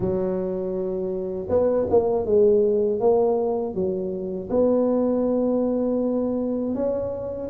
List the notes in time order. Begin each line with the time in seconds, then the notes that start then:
0.00 F#3
1.49 B3
1.90 A#3
2.25 G#3
3.00 A#3
3.74 F#3
4.50 B3
6.74 C#4